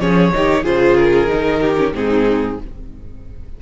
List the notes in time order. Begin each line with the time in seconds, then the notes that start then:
0.00 F3 C#4 G#4 C#5
0.34 D#3 D#4 G4
0.63 C#3 F4 G#4 C5
0.97 A#4
1.28 D#4
1.34 D#3
1.61 G4
1.77 C#4
1.93 G#2 C4 D#4 G#4